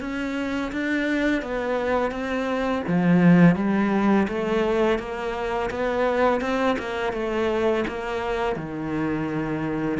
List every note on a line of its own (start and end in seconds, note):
0.00 0.71 C#4
0.72 1.42 D4
1.42 2.11 B3
2.11 2.82 C4
2.87 3.56 F3
3.56 4.27 G3
4.28 4.98 A3
4.98 5.70 A#3
5.70 6.41 B3
6.41 6.76 C4
6.79 7.13 A#3
7.13 7.84 A3
7.87 8.56 A#3
8.56 9.99 D#3